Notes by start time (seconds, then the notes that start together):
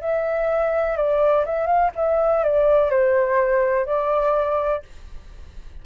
0.00 E5
0.96 D5
1.45 E5
1.66 F5
1.95 E5
2.43 D5
2.90 C5
3.86 D5